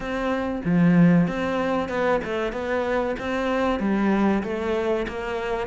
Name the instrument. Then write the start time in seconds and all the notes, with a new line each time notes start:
cello
0.00 C4
0.65 F3
1.27 C4
1.88 B3
2.24 A3
2.52 B3
3.19 C4
3.79 G3
4.43 A3
5.08 A#3